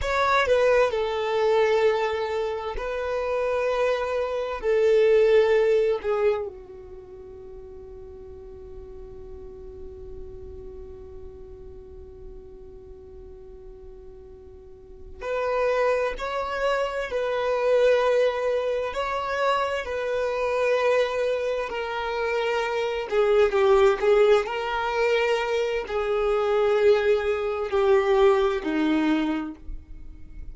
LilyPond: \new Staff \with { instrumentName = "violin" } { \time 4/4 \tempo 4 = 65 cis''8 b'8 a'2 b'4~ | b'4 a'4. gis'8 fis'4~ | fis'1~ | fis'1~ |
fis'8 b'4 cis''4 b'4.~ | b'8 cis''4 b'2 ais'8~ | ais'4 gis'8 g'8 gis'8 ais'4. | gis'2 g'4 dis'4 | }